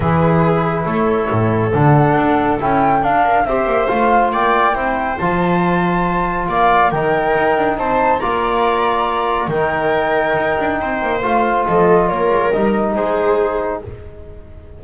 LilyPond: <<
  \new Staff \with { instrumentName = "flute" } { \time 4/4 \tempo 4 = 139 b'2 cis''2 | fis''2 g''4 f''4 | e''4 f''4 g''2 | a''2. f''4 |
g''2 a''4 ais''4~ | ais''2 g''2~ | g''2 f''4 dis''4 | cis''4 dis''4 c''2 | }
  \new Staff \with { instrumentName = "viola" } { \time 4/4 gis'2 a'2~ | a'2.~ a'8 ais'8 | c''2 d''4 c''4~ | c''2. d''4 |
ais'2 c''4 d''4~ | d''2 ais'2~ | ais'4 c''2 a'4 | ais'2 gis'2 | }
  \new Staff \with { instrumentName = "trombone" } { \time 4/4 e'1 | d'2 e'4 d'4 | g'4 f'2 e'4 | f'1 |
dis'2. f'4~ | f'2 dis'2~ | dis'2 f'2~ | f'4 dis'2. | }
  \new Staff \with { instrumentName = "double bass" } { \time 4/4 e2 a4 a,4 | d4 d'4 cis'4 d'4 | c'8 ais8 a4 ais4 c'4 | f2. ais4 |
dis4 dis'8 d'8 c'4 ais4~ | ais2 dis2 | dis'8 d'8 c'8 ais8 a4 f4 | ais8 gis8 g4 gis2 | }
>>